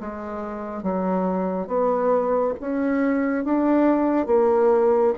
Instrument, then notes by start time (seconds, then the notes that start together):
bassoon
0.00 G#3
0.83 F#3
1.68 B3
2.60 C#4
3.45 D4
4.27 A#3